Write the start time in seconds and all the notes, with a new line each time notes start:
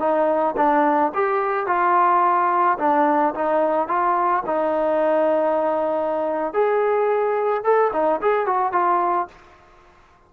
0.00 D#4
0.57 D4
1.14 G4
1.67 F4
2.79 D4
3.35 D#4
3.88 F4
4.47 D#4
6.54 G#4
7.64 A4
7.93 D#4
8.22 G#4
8.47 F#4
8.73 F4